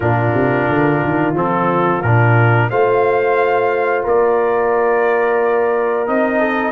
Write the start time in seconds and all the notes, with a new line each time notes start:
0.00 A#2 D4 F4 A#4
0.33 C3
0.68 D3
1.03 D#3
1.34 F3 C4 A4
2.02 A#2 D4 A#4
2.69 A3 F4 C5 F5
4.03 A#3 A#4 D5
6.06 C4 D#4 D#5
6.39 A4